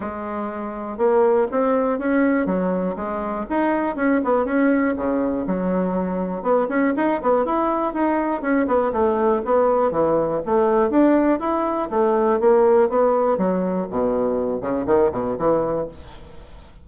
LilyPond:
\new Staff \with { instrumentName = "bassoon" } { \time 4/4 \tempo 4 = 121 gis2 ais4 c'4 | cis'4 fis4 gis4 dis'4 | cis'8 b8 cis'4 cis4 fis4~ | fis4 b8 cis'8 dis'8 b8 e'4 |
dis'4 cis'8 b8 a4 b4 | e4 a4 d'4 e'4 | a4 ais4 b4 fis4 | b,4. cis8 dis8 b,8 e4 | }